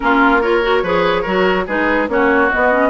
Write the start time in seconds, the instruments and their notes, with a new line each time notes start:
0.00 bassoon A#3, clarinet C#4, oboe F4, flute A#4
0.41 clarinet F4, oboe A#4, flute C#5
0.62 clarinet F#4
0.83 bassoon F3, clarinet G#4, oboe B4
1.22 bassoon F#3, clarinet F#4, oboe A#4
1.66 bassoon G#3, clarinet D#4, oboe G#4, flute B4
2.08 bassoon A#3, clarinet C#4, oboe F#4, flute C#5
2.50 clarinet B3, bassoon B3, flute D#5
2.71 clarinet C#4